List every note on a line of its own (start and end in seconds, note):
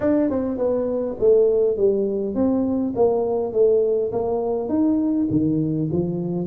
0.00 0.29 D4
0.29 0.57 C4
0.57 1.16 B3
1.19 1.76 A3
1.76 2.34 G3
2.34 2.93 C4
2.95 3.53 A#3
3.53 4.11 A3
4.11 4.68 A#3
4.68 5.27 D#4
5.30 5.89 D#3
5.92 6.47 F3